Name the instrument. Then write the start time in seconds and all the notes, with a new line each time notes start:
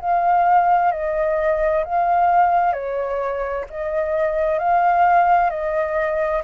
flute
0.00 F5
0.92 D#5
1.84 F5
2.73 C#5
3.70 D#5
4.59 F5
5.50 D#5